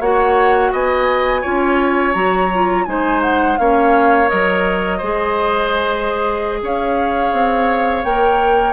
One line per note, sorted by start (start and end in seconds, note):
0.00 0.71 A#3
0.00 1.43 F#4
0.00 0.72 C#5
0.00 0.73 F#5
0.72 1.44 B3
0.72 1.41 D#5
0.72 2.14 G#5
1.41 2.15 C#4
1.41 2.14 F4
1.41 2.84 C#5
2.14 2.86 F#3
2.14 2.50 F#4
2.14 2.85 A#5
2.54 2.86 F4
2.85 3.58 G#3
2.85 3.58 D#4
2.85 3.60 C5
2.85 3.21 G#5
3.22 3.58 F#5
3.58 4.30 A#3
3.58 4.28 C#4
3.58 4.97 C#5
3.58 4.29 F5
4.28 5.02 F#3
4.28 4.99 A#4
4.28 6.61 D#5
4.97 6.62 G#3
4.97 8.05 G#4
4.97 6.58 C5
6.62 7.33 C#4
6.62 8.73 C#5
6.62 8.04 F5
7.33 8.04 C4
8.04 8.73 A#3
8.04 8.73 A#4
8.04 8.73 G5